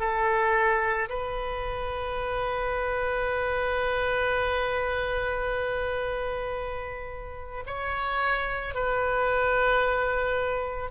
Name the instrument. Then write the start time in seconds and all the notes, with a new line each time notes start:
oboe
0.00 A4
1.10 B4
7.67 C#5
8.75 B4